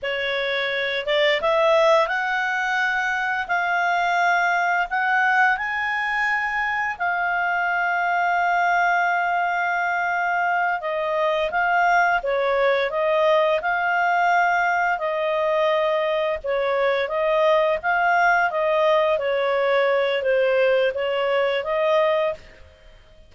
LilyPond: \new Staff \with { instrumentName = "clarinet" } { \time 4/4 \tempo 4 = 86 cis''4. d''8 e''4 fis''4~ | fis''4 f''2 fis''4 | gis''2 f''2~ | f''2.~ f''8 dis''8~ |
dis''8 f''4 cis''4 dis''4 f''8~ | f''4. dis''2 cis''8~ | cis''8 dis''4 f''4 dis''4 cis''8~ | cis''4 c''4 cis''4 dis''4 | }